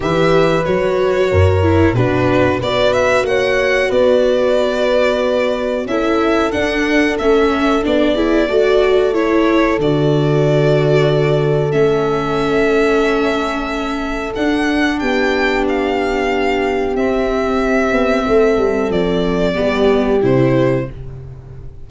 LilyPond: <<
  \new Staff \with { instrumentName = "violin" } { \time 4/4 \tempo 4 = 92 e''4 cis''2 b'4 | d''8 e''8 fis''4 d''2~ | d''4 e''4 fis''4 e''4 | d''2 cis''4 d''4~ |
d''2 e''2~ | e''2 fis''4 g''4 | f''2 e''2~ | e''4 d''2 c''4 | }
  \new Staff \with { instrumentName = "horn" } { \time 4/4 b'2 ais'4 fis'4 | b'4 cis''4 b'2~ | b'4 a'2.~ | a'8 gis'8 a'2.~ |
a'1~ | a'2. g'4~ | g'1 | a'2 g'2 | }
  \new Staff \with { instrumentName = "viola" } { \time 4/4 g'4 fis'4. e'8 d'4 | fis'1~ | fis'4 e'4 d'4 cis'4 | d'8 e'8 fis'4 e'4 fis'4~ |
fis'2 cis'2~ | cis'2 d'2~ | d'2 c'2~ | c'2 b4 e'4 | }
  \new Staff \with { instrumentName = "tuba" } { \time 4/4 e4 fis4 fis,4 b,4 | b4 ais4 b2~ | b4 cis'4 d'4 a4 | b4 a2 d4~ |
d2 a2~ | a2 d'4 b4~ | b2 c'4. b8 | a8 g8 f4 g4 c4 | }
>>